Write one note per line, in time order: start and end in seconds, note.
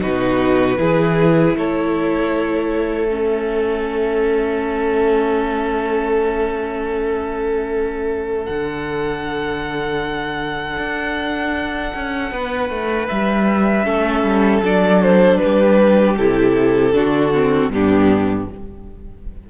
0.00 0.78 B2
0.00 0.77 D#4
0.00 0.79 F#4
0.00 1.56 B4
0.77 1.55 E3
0.77 3.08 E4
0.77 1.56 G#4
1.55 8.47 A3
1.55 12.33 A4
1.55 3.10 C#5
3.09 8.47 C#4
3.09 8.46 E5
8.46 10.77 D3
8.46 13.85 D4
8.46 13.08 F#5
10.77 11.93 D4
11.95 12.32 C#4
12.32 12.70 B3
12.32 13.85 B4
12.70 13.08 A3
13.08 13.86 G3
13.08 14.62 E5
13.85 14.23 A3
13.85 14.62 C#4
13.85 15.39 A4
14.23 14.62 G3
14.63 15.40 F#3
14.63 16.18 D4
14.63 15.02 D5
15.02 15.38 C5
15.38 16.95 G4
15.38 16.15 B4
15.45 16.17 G3
16.17 16.94 C3
16.17 16.93 E4
16.17 17.71 A4
16.93 17.69 D3
16.93 17.32 D4
16.93 17.72 F#4
17.35 17.72 C4
17.69 18.46 G2
17.69 18.49 B3
17.69 18.49 D4
17.69 18.50 G4